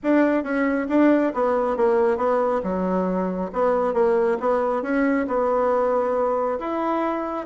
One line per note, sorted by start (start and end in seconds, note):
0.03 0.43 D4
0.43 0.87 C#4
0.88 1.32 D4
1.34 1.76 B3
1.76 2.17 A#3
2.17 2.61 B3
2.63 3.50 F#3
3.53 3.93 B3
3.93 4.37 A#3
4.40 4.82 B3
4.82 5.26 C#4
5.27 6.58 B3
6.59 7.46 E4